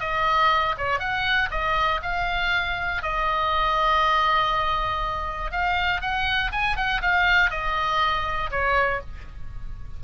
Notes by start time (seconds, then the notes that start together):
0.00 D#5
0.77 C#5
0.99 F#5
1.51 D#5
2.02 F5
3.02 D#5
5.51 F5
6.01 F#5
6.52 G#5
6.76 F#5
7.01 F5
7.50 D#5
8.50 C#5